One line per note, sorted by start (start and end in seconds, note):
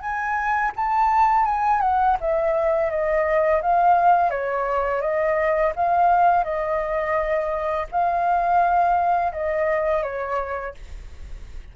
0.00 0.71 G#5
0.75 1.45 A5
1.45 1.81 G#5
1.81 2.16 F#5
2.20 2.90 E5
2.90 3.61 D#5
3.61 4.30 F5
4.30 5.01 C#5
5.01 5.72 D#5
5.75 6.44 F5
6.44 7.86 D#5
7.91 9.32 F5
9.32 10.02 D#5
10.02 10.74 C#5